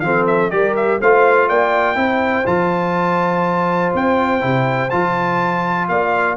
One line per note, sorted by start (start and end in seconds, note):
0.00 0.50 F3
0.00 0.51 C4
0.00 0.53 A4
0.00 0.24 F5
0.27 0.51 E5
0.51 1.00 G3
0.51 0.99 G4
0.51 1.01 A#4
0.51 0.75 D5
0.76 1.00 E5
1.01 1.50 A3
1.01 1.96 F4
1.01 1.48 C5
1.01 1.49 F5
1.48 1.96 A#3
1.48 1.97 D5
1.48 2.46 G5
1.96 2.45 C4
1.96 2.45 E4
1.96 5.89 C5
2.46 3.93 F3
2.46 4.41 F4
2.46 3.93 A5
3.95 4.43 C4
3.95 4.90 G5
4.41 4.92 C3
4.41 4.89 E4
4.90 5.89 F3
4.90 6.37 F4
4.90 5.88 A5
5.88 6.37 A#3
5.88 6.37 D5
5.88 6.37 F5